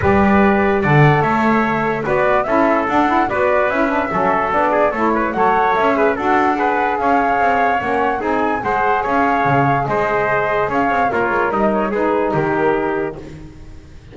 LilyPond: <<
  \new Staff \with { instrumentName = "flute" } { \time 4/4 \tempo 4 = 146 d''2 fis''4 e''4~ | e''4 d''4 e''4 fis''4 | d''4 e''2 d''4 | cis''4 fis''4 e''4 fis''4~ |
fis''4 f''2 fis''4 | gis''4 fis''4 f''2 | dis''2 f''4 cis''4 | dis''8 cis''8 b'4 ais'2 | }
  \new Staff \with { instrumentName = "trumpet" } { \time 4/4 b'2 d''4 cis''4~ | cis''4 b'4 a'2 | b'2 a'4. gis'8 | a'8 b'8 cis''4. b'8 a'4 |
b'4 cis''2. | gis'4 c''4 cis''2 | c''2 cis''4 f'4 | dis'4 gis'4 g'2 | }
  \new Staff \with { instrumentName = "saxophone" } { \time 4/4 g'2 a'2~ | a'4 fis'4 e'4 d'8 e'8 | fis'4 e'8 d'8 cis'4 d'4 | e'4 a'4. gis'8 fis'4 |
gis'2. cis'4 | dis'4 gis'2.~ | gis'2. ais'4~ | ais'4 dis'2. | }
  \new Staff \with { instrumentName = "double bass" } { \time 4/4 g2 d4 a4~ | a4 b4 cis'4 d'4 | b4 cis'4 fis4 b4 | a4 fis4 cis'4 d'4~ |
d'4 cis'4 c'4 ais4 | c'4 gis4 cis'4 cis4 | gis2 cis'8 c'8 ais8 gis8 | g4 gis4 dis2 | }
>>